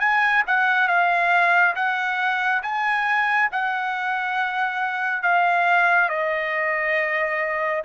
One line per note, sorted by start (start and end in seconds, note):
0.00 0.43 G#5
0.48 0.88 F#5
0.88 1.75 F5
1.76 2.63 F#5
2.63 3.50 G#5
3.52 5.23 F#5
5.23 6.09 F5
6.09 7.83 D#5